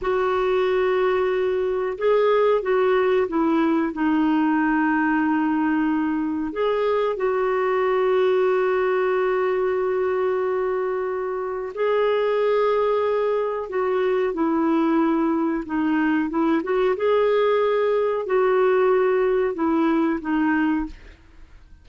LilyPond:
\new Staff \with { instrumentName = "clarinet" } { \time 4/4 \tempo 4 = 92 fis'2. gis'4 | fis'4 e'4 dis'2~ | dis'2 gis'4 fis'4~ | fis'1~ |
fis'2 gis'2~ | gis'4 fis'4 e'2 | dis'4 e'8 fis'8 gis'2 | fis'2 e'4 dis'4 | }